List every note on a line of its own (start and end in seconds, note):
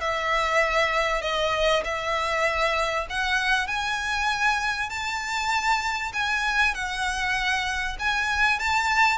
0.00 1.21 E5
1.21 1.83 D#5
1.84 3.07 E5
3.09 3.67 F#5
3.67 4.89 G#5
4.89 6.12 A5
6.13 6.74 G#5
6.74 7.96 F#5
7.99 8.59 G#5
8.59 9.17 A5